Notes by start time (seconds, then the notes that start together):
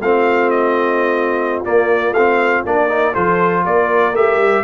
0.00 A3 C4 F4 F5
0.49 D#5
1.64 A#3 D5
2.11 A3 C4 F5
2.65 A#3 D4 D5
2.88 D#4 A#4
3.13 F3 F4 A4 C5
3.64 A#3 A#4 D5
4.11 A3 G4 E5
4.36 G3